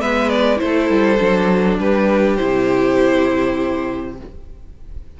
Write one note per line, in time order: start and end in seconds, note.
0.00 0.61 G#3
0.00 0.56 B3
0.00 0.59 B4
0.00 0.29 E5
0.29 0.58 D5
0.56 0.89 A3
0.56 1.15 E4
0.56 1.77 C5
0.65 1.80 A4
0.89 1.19 G3
1.19 1.78 F#3
1.19 2.37 D4
1.78 2.37 G3
1.78 4.18 G4
1.78 2.36 B4
2.36 4.20 C3
2.36 4.16 E4
2.36 4.14 C5